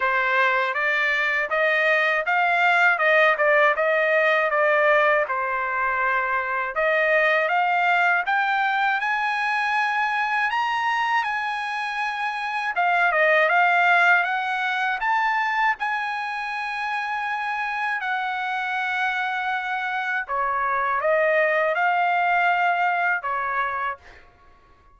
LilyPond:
\new Staff \with { instrumentName = "trumpet" } { \time 4/4 \tempo 4 = 80 c''4 d''4 dis''4 f''4 | dis''8 d''8 dis''4 d''4 c''4~ | c''4 dis''4 f''4 g''4 | gis''2 ais''4 gis''4~ |
gis''4 f''8 dis''8 f''4 fis''4 | a''4 gis''2. | fis''2. cis''4 | dis''4 f''2 cis''4 | }